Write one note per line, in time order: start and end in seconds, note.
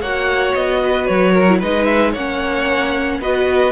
0.00 0.53 A#3
0.00 1.48 F#4
0.00 0.80 C#5
0.00 0.54 F#5
0.54 1.08 B3
0.54 1.06 D#5
0.83 1.31 B4
1.06 1.62 F#3
1.06 1.59 C#5
1.31 1.58 A#4
1.48 1.62 E4
1.59 2.14 G#3
1.59 2.15 D#4
1.59 2.12 B4
1.59 1.84 D#5
1.84 2.11 E5
2.12 3.20 A#3
2.12 3.21 C#4
2.12 3.18 C#5
2.12 3.20 F#5
3.20 3.72 B3
3.20 3.72 F#4
3.20 3.72 B4
3.20 3.72 D#5